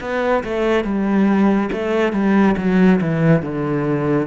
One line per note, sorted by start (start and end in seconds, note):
0.00 0.43 B3
0.43 0.84 A3
0.84 1.69 G3
1.72 2.12 A3
2.12 2.55 G3
2.57 3.00 F#3
3.01 3.42 E3
3.42 4.27 D3